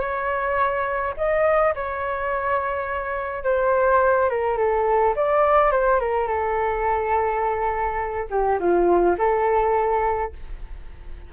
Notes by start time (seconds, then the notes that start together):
0.00 C#5
1.17 D#5
1.75 C#5
3.44 C5
4.29 A#4
4.57 A4
5.16 D5
5.72 C5
6.00 A#4
6.28 A4
8.30 G4
8.60 F4
9.18 A4